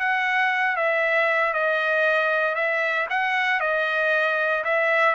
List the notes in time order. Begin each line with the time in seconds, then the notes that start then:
0.00 F#5
0.77 E5
1.54 D#5
2.56 E5
3.10 F#5
3.61 D#5
4.65 E5